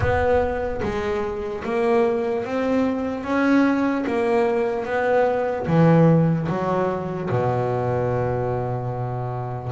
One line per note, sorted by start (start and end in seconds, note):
0.00 0.81 B3
0.82 1.63 G#3
1.64 2.44 A#3
2.44 3.24 C4
3.24 4.05 C#4
4.07 4.85 A#3
4.85 5.66 B3
5.66 6.47 E3
6.48 7.29 F#3
7.30 9.72 B2